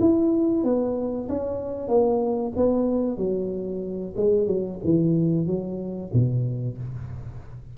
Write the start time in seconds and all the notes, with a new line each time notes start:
0.00 E4
0.64 B3
1.29 C#4
1.88 A#3
2.56 B3
3.17 F#3
4.17 G#3
4.47 F#3
4.84 E3
5.47 F#3
6.13 B2